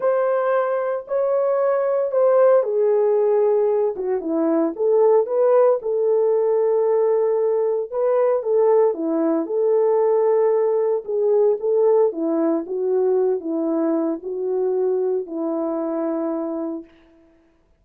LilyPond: \new Staff \with { instrumentName = "horn" } { \time 4/4 \tempo 4 = 114 c''2 cis''2 | c''4 gis'2~ gis'8 fis'8 | e'4 a'4 b'4 a'4~ | a'2. b'4 |
a'4 e'4 a'2~ | a'4 gis'4 a'4 e'4 | fis'4. e'4. fis'4~ | fis'4 e'2. | }